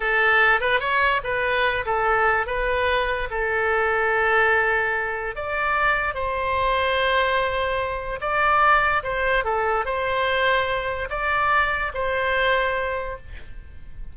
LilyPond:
\new Staff \with { instrumentName = "oboe" } { \time 4/4 \tempo 4 = 146 a'4. b'8 cis''4 b'4~ | b'8 a'4. b'2 | a'1~ | a'4 d''2 c''4~ |
c''1 | d''2 c''4 a'4 | c''2. d''4~ | d''4 c''2. | }